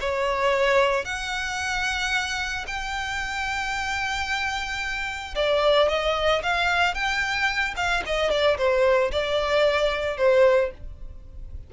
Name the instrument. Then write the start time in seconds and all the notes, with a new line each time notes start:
violin
0.00 C#5
1.05 F#5
2.67 G5
5.35 D5
5.88 D#5
6.43 F5
6.94 G5
7.77 F5
8.06 D#5
8.30 D5
8.58 C5
9.11 D5
10.17 C5